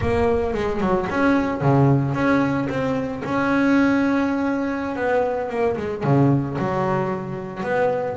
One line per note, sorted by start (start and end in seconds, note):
0.00 0.54 A#3
0.54 0.80 G#3
0.80 1.07 F#3
1.10 1.61 C#4
1.61 2.14 C#3
2.14 2.68 C#4
2.69 3.23 C4
3.24 4.96 C#4
4.96 5.49 B3
5.49 5.76 A#3
5.77 6.03 G#3
6.03 6.57 C#3
6.58 7.63 F#3
7.63 8.16 B3